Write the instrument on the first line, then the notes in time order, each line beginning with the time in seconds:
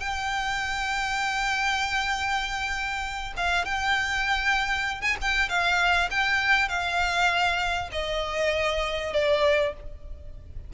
violin
0.00 G5
3.36 F5
3.65 G5
5.02 G#5
5.21 G5
5.49 F5
6.11 G5
6.68 F5
7.92 D#5
9.13 D5